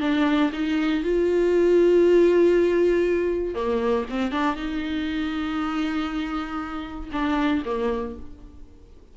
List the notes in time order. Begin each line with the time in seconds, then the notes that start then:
0.00 D4
0.52 D#4
1.03 F4
3.54 A#3
4.10 C4
4.31 D4
4.56 D#4
7.12 D4
7.65 A#3